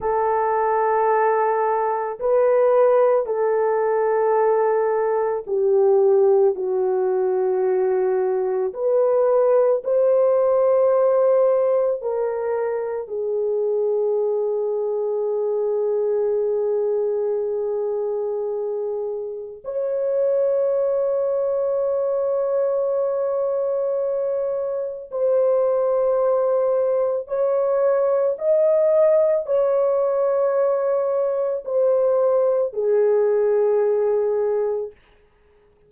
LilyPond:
\new Staff \with { instrumentName = "horn" } { \time 4/4 \tempo 4 = 55 a'2 b'4 a'4~ | a'4 g'4 fis'2 | b'4 c''2 ais'4 | gis'1~ |
gis'2 cis''2~ | cis''2. c''4~ | c''4 cis''4 dis''4 cis''4~ | cis''4 c''4 gis'2 | }